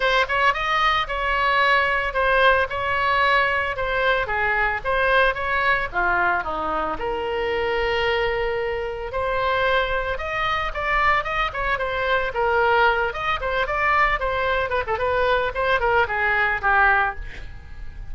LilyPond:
\new Staff \with { instrumentName = "oboe" } { \time 4/4 \tempo 4 = 112 c''8 cis''8 dis''4 cis''2 | c''4 cis''2 c''4 | gis'4 c''4 cis''4 f'4 | dis'4 ais'2.~ |
ais'4 c''2 dis''4 | d''4 dis''8 cis''8 c''4 ais'4~ | ais'8 dis''8 c''8 d''4 c''4 b'16 a'16 | b'4 c''8 ais'8 gis'4 g'4 | }